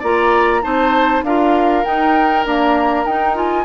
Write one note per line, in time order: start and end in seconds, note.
0.00 0.64 A#3
0.00 0.62 F4
0.00 0.61 D5
0.00 0.63 A#5
0.62 1.23 C4
0.62 1.22 D#4
0.62 1.24 C5
0.62 1.23 A5
1.23 1.83 D4
1.23 1.84 F4
1.23 3.65 A#4
1.23 1.84 F5
1.84 2.45 D#4
1.84 2.46 D#4
1.84 2.45 G5
2.46 3.07 A#3
2.46 3.05 D4
2.46 3.06 A#5
3.05 3.65 D#4
3.05 3.35 D#4
3.05 3.36 G5
3.35 3.65 F4
3.35 3.65 G#5